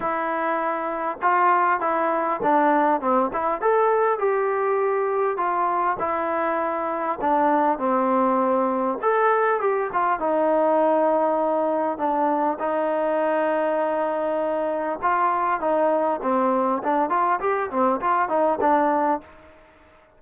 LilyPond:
\new Staff \with { instrumentName = "trombone" } { \time 4/4 \tempo 4 = 100 e'2 f'4 e'4 | d'4 c'8 e'8 a'4 g'4~ | g'4 f'4 e'2 | d'4 c'2 a'4 |
g'8 f'8 dis'2. | d'4 dis'2.~ | dis'4 f'4 dis'4 c'4 | d'8 f'8 g'8 c'8 f'8 dis'8 d'4 | }